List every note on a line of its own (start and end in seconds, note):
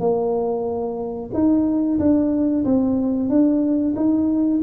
0.00 1.30 A#3
1.34 1.99 D#4
1.99 2.64 D4
2.65 3.29 C4
3.29 3.95 D4
3.96 4.61 D#4